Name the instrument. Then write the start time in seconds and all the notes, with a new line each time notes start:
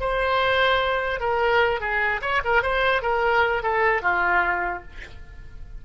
oboe
0.00 C5
1.20 A#4
1.80 G#4
2.22 C#5
2.45 A#4
2.63 C5
3.02 A#4
3.63 A4
4.02 F4